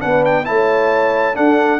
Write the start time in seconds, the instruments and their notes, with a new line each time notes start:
0.00 tuba B3, trombone D4, horn B4, trumpet F#5
0.25 trumpet G5
0.45 tuba A3, trombone E4, horn C#5, trumpet A5
1.34 trombone D4, tuba D4, horn A4, trumpet F#5